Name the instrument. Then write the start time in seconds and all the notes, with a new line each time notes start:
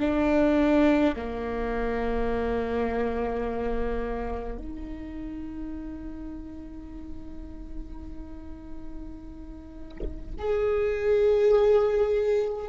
viola
0.00 D4
1.16 A#3
4.58 D#4
10.38 G#4